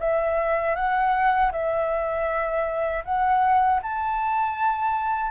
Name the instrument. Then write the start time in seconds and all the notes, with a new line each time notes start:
flute
0.00 E5
0.76 F#5
1.52 E5
3.05 F#5
3.83 A5